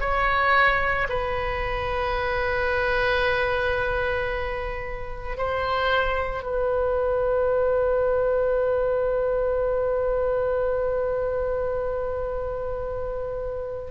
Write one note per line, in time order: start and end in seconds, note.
0.00 1.07 C#5
1.09 5.37 B4
5.37 6.43 C5
6.43 13.91 B4